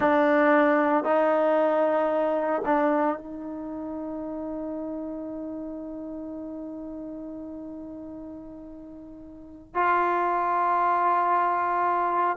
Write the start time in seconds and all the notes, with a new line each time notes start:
0.00 D4
1.03 D#4
2.65 D4
3.17 D#4
9.74 F4